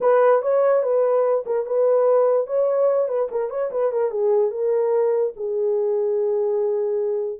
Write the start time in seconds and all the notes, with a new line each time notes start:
0.00 B4
0.41 C#5
0.82 B4
1.46 A#4
1.66 B4
2.46 C#5
3.08 B4
3.31 A#4
3.50 C#5
3.71 B4
3.92 A#4
4.10 G#4
4.51 A#4
5.36 G#4